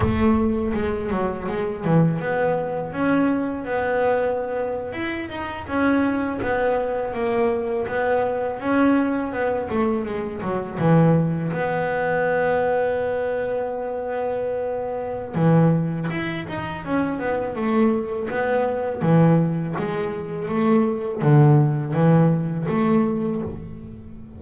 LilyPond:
\new Staff \with { instrumentName = "double bass" } { \time 4/4 \tempo 4 = 82 a4 gis8 fis8 gis8 e8 b4 | cis'4 b4.~ b16 e'8 dis'8 cis'16~ | cis'8. b4 ais4 b4 cis'16~ | cis'8. b8 a8 gis8 fis8 e4 b16~ |
b1~ | b4 e4 e'8 dis'8 cis'8 b8 | a4 b4 e4 gis4 | a4 d4 e4 a4 | }